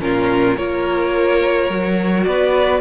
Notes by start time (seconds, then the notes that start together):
0.00 A#2 C#4 F4 A#4
0.57 A#3 F4 A#4 C#5
1.70 F#3 F#4
2.25 B3 B4 D5